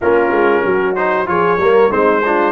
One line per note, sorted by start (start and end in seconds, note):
0.01 0.31 A#3
0.01 0.96 C#4
0.01 0.64 F4
0.01 0.95 A#4
0.31 0.62 G#3
0.64 1.27 F#3
0.64 1.28 F#4
0.95 1.26 D#4
0.95 1.27 C5
1.26 1.57 F3
1.26 1.58 F4
1.26 1.60 G#4
1.26 1.92 C#5
1.57 1.89 G3
1.57 1.90 A#3
1.57 1.91 A#4
1.90 2.51 G#3
1.90 2.22 C4
1.90 2.22 D#4
1.90 2.51 C5
2.24 2.51 D4
2.24 2.51 F4